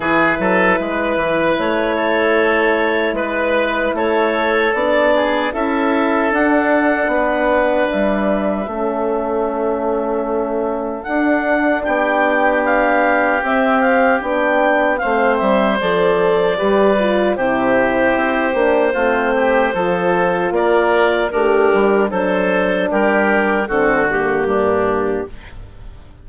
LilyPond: <<
  \new Staff \with { instrumentName = "clarinet" } { \time 4/4 \tempo 4 = 76 b'2 cis''2 | b'4 cis''4 d''4 e''4 | fis''2 e''2~ | e''2 fis''4 g''4 |
f''4 e''8 f''8 g''4 f''8 e''8 | d''2 c''2~ | c''2 d''4 ais'4 | c''4 ais'4 a'8 g'4. | }
  \new Staff \with { instrumentName = "oboe" } { \time 4/4 gis'8 a'8 b'4. a'4. | b'4 a'4. gis'8 a'4~ | a'4 b'2 a'4~ | a'2. g'4~ |
g'2. c''4~ | c''4 b'4 g'2 | f'8 g'8 a'4 ais'4 d'4 | a'4 g'4 fis'4 d'4 | }
  \new Staff \with { instrumentName = "horn" } { \time 4/4 e'1~ | e'2 d'4 e'4 | d'2. cis'4~ | cis'2 d'2~ |
d'4 c'4 d'4 c'4 | a'4 g'8 f'8 e'4. d'8 | c'4 f'2 g'4 | d'2 c'8 ais4. | }
  \new Staff \with { instrumentName = "bassoon" } { \time 4/4 e8 fis8 gis8 e8 a2 | gis4 a4 b4 cis'4 | d'4 b4 g4 a4~ | a2 d'4 b4~ |
b4 c'4 b4 a8 g8 | f4 g4 c4 c'8 ais8 | a4 f4 ais4 a8 g8 | fis4 g4 d4 g,4 | }
>>